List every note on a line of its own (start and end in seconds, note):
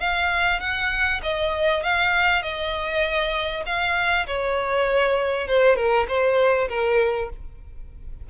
0.00 0.60 F5
0.60 1.20 F#5
1.23 1.83 D#5
1.83 2.42 F5
2.42 3.63 D#5
3.66 4.26 F5
4.26 5.47 C#5
5.47 5.76 C5
5.76 6.06 A#4
6.08 6.68 C5
6.69 7.29 A#4